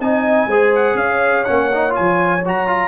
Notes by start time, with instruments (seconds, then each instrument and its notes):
0.00 tuba C4, trombone D#4, horn D#5, trumpet G#5
0.47 tuba G#3, trombone G#4, horn C5
0.75 trumpet F#5
0.94 tuba C#4, horn C#5, trumpet F5
1.44 tuba A#3, trombone C#4, trumpet F#5
1.73 trombone D#4
1.90 trombone F4, trumpet G#5
1.99 tuba F3
2.45 tuba F#3, trombone F#4, trumpet A#5
2.67 trombone F4